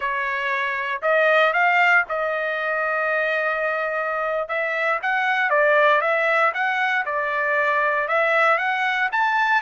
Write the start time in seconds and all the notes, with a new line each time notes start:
0.00 C#5
1.02 D#5
1.53 F5
2.08 D#5
4.48 E5
5.02 F#5
5.50 D5
6.01 E5
6.53 F#5
7.05 D5
8.07 E5
8.58 F#5
9.11 A5